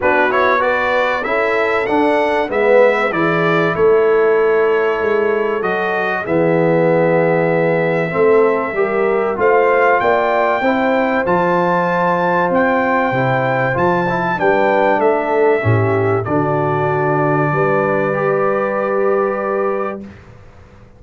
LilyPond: <<
  \new Staff \with { instrumentName = "trumpet" } { \time 4/4 \tempo 4 = 96 b'8 cis''8 d''4 e''4 fis''4 | e''4 d''4 cis''2~ | cis''4 dis''4 e''2~ | e''2. f''4 |
g''2 a''2 | g''2 a''4 g''4 | e''2 d''2~ | d''1 | }
  \new Staff \with { instrumentName = "horn" } { \time 4/4 fis'4 b'4 a'2 | b'4 gis'4 a'2~ | a'2 gis'2~ | gis'4 a'4 ais'4 c''4 |
d''4 c''2.~ | c''2. b'4 | a'4 g'4 fis'2 | b'1 | }
  \new Staff \with { instrumentName = "trombone" } { \time 4/4 d'8 e'8 fis'4 e'4 d'4 | b4 e'2.~ | e'4 fis'4 b2~ | b4 c'4 g'4 f'4~ |
f'4 e'4 f'2~ | f'4 e'4 f'8 e'8 d'4~ | d'4 cis'4 d'2~ | d'4 g'2. | }
  \new Staff \with { instrumentName = "tuba" } { \time 4/4 b2 cis'4 d'4 | gis4 e4 a2 | gis4 fis4 e2~ | e4 a4 g4 a4 |
ais4 c'4 f2 | c'4 c4 f4 g4 | a4 a,4 d2 | g1 | }
>>